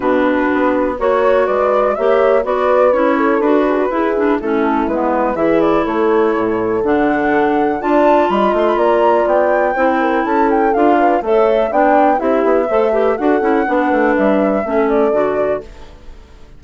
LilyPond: <<
  \new Staff \with { instrumentName = "flute" } { \time 4/4 \tempo 4 = 123 b'2 cis''4 d''4 | e''4 d''4 cis''4 b'4~ | b'4 a'4 b'4 e''8 d''8 | cis''2 fis''2 |
a''4 b''8 c'''16 b''16 ais''4 g''4~ | g''4 a''8 g''8 f''4 e''4 | g''4 e''2 fis''4~ | fis''4 e''4. d''4. | }
  \new Staff \with { instrumentName = "horn" } { \time 4/4 fis'2 cis''4 b'4 | cis''4 b'4. a'4 gis'16 fis'16 | gis'4 e'2 gis'4 | a'1 |
d''4 dis''4 d''2 | c''8 ais'8 a'4. b'8 cis''4 | d''4 g'4 c''8 b'8 a'4 | b'2 a'2 | }
  \new Staff \with { instrumentName = "clarinet" } { \time 4/4 d'2 fis'2 | g'4 fis'4 e'4 fis'4 | e'8 d'8 cis'4 b4 e'4~ | e'2 d'2 |
f'1 | e'2 f'4 a'4 | d'4 e'4 a'8 g'8 fis'8 e'8 | d'2 cis'4 fis'4 | }
  \new Staff \with { instrumentName = "bassoon" } { \time 4/4 b,4 b4 ais4 gis4 | ais4 b4 cis'4 d'4 | e'4 a4 gis4 e4 | a4 a,4 d2 |
d'4 g8 a8 ais4 b4 | c'4 cis'4 d'4 a4 | b4 c'8 b8 a4 d'8 cis'8 | b8 a8 g4 a4 d4 | }
>>